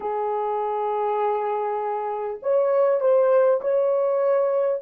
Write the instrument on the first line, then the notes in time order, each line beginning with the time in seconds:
horn
0.00 G#4
2.42 C#5
3.00 C5
3.61 C#5